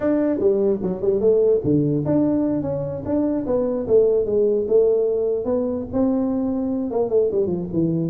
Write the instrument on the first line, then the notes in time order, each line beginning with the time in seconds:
tuba
0.00 D4
0.39 G3
0.82 F#3
1.01 G3
1.20 A3
1.63 D3
2.05 D4
2.62 C#4
3.05 D4
3.46 B3
3.87 A3
4.25 G#3
4.68 A3
5.45 B3
5.92 C4
6.90 A#3
7.09 A3
7.31 G3
7.46 F3
7.72 E3